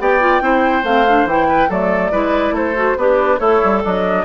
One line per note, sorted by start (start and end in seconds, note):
0.00 0.41 B3
0.00 0.21 G4
0.00 0.43 D5
0.00 0.85 G5
0.21 0.41 F4
0.41 0.83 C4
0.41 0.84 E4
0.41 1.48 C5
0.83 1.25 A3
0.83 1.07 C4
0.83 1.27 F5
1.08 1.29 D4
1.25 1.68 E3
1.25 1.70 E4
1.25 1.71 G5
1.48 1.69 B4
1.69 2.12 F#3
1.69 2.12 A3
1.69 2.12 A4
1.69 2.56 D5
2.12 2.52 G#3
2.12 2.75 E4
2.12 2.54 B4
2.52 2.94 A3
2.52 2.97 A4
2.52 2.98 C5
2.75 2.97 F#4
2.97 3.40 B3
2.97 3.40 D4
2.97 3.39 G4
2.97 3.39 B4
3.39 3.62 A3
3.39 3.82 E4
3.39 4.24 A4
3.39 3.82 C#5
3.64 3.85 G3
3.85 4.25 F#3
3.85 4.25 D4
3.85 4.25 D#5